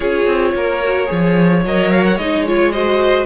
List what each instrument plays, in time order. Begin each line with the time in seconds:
0.00 cello C#4, viola F4, violin G#4 C#5
0.26 cello C4
0.54 cello A#3, violin A#4
0.83 viola F#4
1.06 cello F3, viola G#4, violin C#5
1.65 cello F#3, viola A#4, violin D#5
1.90 violin F5
2.05 violin F#5
2.16 cello G#3, viola D#4, violin D#5
2.47 viola F4, violin C#5
2.72 viola F#4, violin C5 D#5